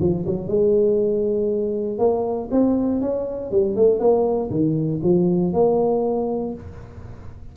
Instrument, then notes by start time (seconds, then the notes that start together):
tuba
0.00 F3
0.26 F#3
0.47 G#3
1.98 A#3
2.50 C4
3.00 C#4
3.51 G3
3.76 A3
3.99 A#3
4.50 D#3
5.02 F3
5.53 A#3